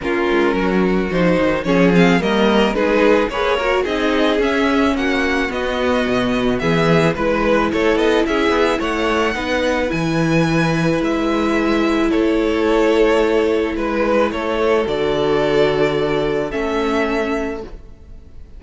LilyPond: <<
  \new Staff \with { instrumentName = "violin" } { \time 4/4 \tempo 4 = 109 ais'2 c''4 cis''8 f''8 | dis''4 b'4 cis''4 dis''4 | e''4 fis''4 dis''2 | e''4 b'4 cis''8 dis''8 e''4 |
fis''2 gis''2 | e''2 cis''2~ | cis''4 b'4 cis''4 d''4~ | d''2 e''2 | }
  \new Staff \with { instrumentName = "violin" } { \time 4/4 f'4 fis'2 gis'4 | ais'4 gis'4 b'8 ais'8 gis'4~ | gis'4 fis'2. | gis'4 b'4 a'4 gis'4 |
cis''4 b'2.~ | b'2 a'2~ | a'4 b'4 a'2~ | a'1 | }
  \new Staff \with { instrumentName = "viola" } { \time 4/4 cis'2 dis'4 cis'8 c'8 | ais4 dis'4 gis'8 fis'8 dis'4 | cis'2 b2~ | b4 e'2.~ |
e'4 dis'4 e'2~ | e'1~ | e'2. fis'4~ | fis'2 cis'2 | }
  \new Staff \with { instrumentName = "cello" } { \time 4/4 ais8 gis8 fis4 f8 dis8 f4 | g4 gis4 ais4 c'4 | cis'4 ais4 b4 b,4 | e4 gis4 a8 b8 cis'8 b8 |
a4 b4 e2 | gis2 a2~ | a4 gis4 a4 d4~ | d2 a2 | }
>>